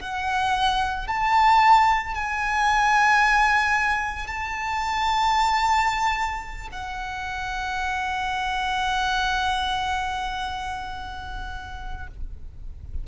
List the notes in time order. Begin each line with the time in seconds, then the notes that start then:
0.00 F#5
1.08 A5
2.15 G#5
4.27 A5
6.72 F#5